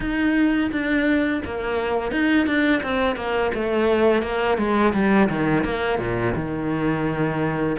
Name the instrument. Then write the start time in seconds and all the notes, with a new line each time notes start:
cello
0.00 D#4
0.71 D4
1.45 A#3
2.11 D#4
2.46 D4
2.82 C4
3.16 A#3
3.54 A3
4.22 A#3
4.57 G#3
4.93 G3
5.29 D#3
5.64 A#3
5.98 A#2
6.35 D#3